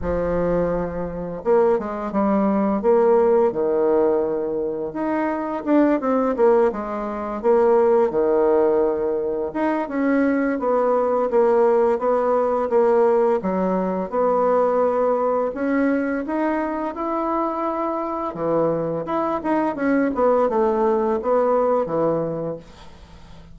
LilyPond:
\new Staff \with { instrumentName = "bassoon" } { \time 4/4 \tempo 4 = 85 f2 ais8 gis8 g4 | ais4 dis2 dis'4 | d'8 c'8 ais8 gis4 ais4 dis8~ | dis4. dis'8 cis'4 b4 |
ais4 b4 ais4 fis4 | b2 cis'4 dis'4 | e'2 e4 e'8 dis'8 | cis'8 b8 a4 b4 e4 | }